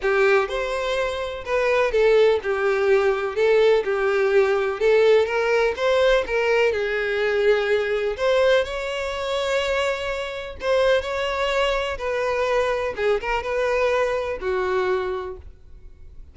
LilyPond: \new Staff \with { instrumentName = "violin" } { \time 4/4 \tempo 4 = 125 g'4 c''2 b'4 | a'4 g'2 a'4 | g'2 a'4 ais'4 | c''4 ais'4 gis'2~ |
gis'4 c''4 cis''2~ | cis''2 c''4 cis''4~ | cis''4 b'2 gis'8 ais'8 | b'2 fis'2 | }